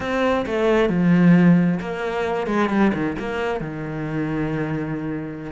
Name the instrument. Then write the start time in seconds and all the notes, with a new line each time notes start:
cello
0.00 C4
0.46 A3
0.89 F3
1.80 A#3
2.46 G#3
2.69 G3
2.93 D#3
3.19 A#3
3.60 D#3